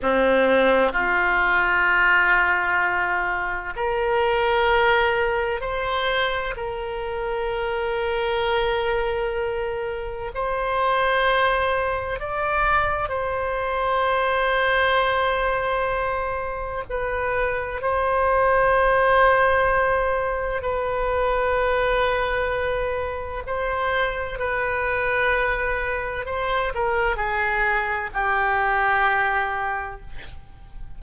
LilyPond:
\new Staff \with { instrumentName = "oboe" } { \time 4/4 \tempo 4 = 64 c'4 f'2. | ais'2 c''4 ais'4~ | ais'2. c''4~ | c''4 d''4 c''2~ |
c''2 b'4 c''4~ | c''2 b'2~ | b'4 c''4 b'2 | c''8 ais'8 gis'4 g'2 | }